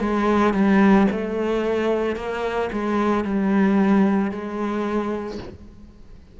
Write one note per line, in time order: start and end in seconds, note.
0.00 0.54 G#3
0.54 1.07 G3
1.11 2.16 A3
2.16 2.69 A#3
2.72 3.24 G#3
3.24 4.31 G3
4.31 5.38 G#3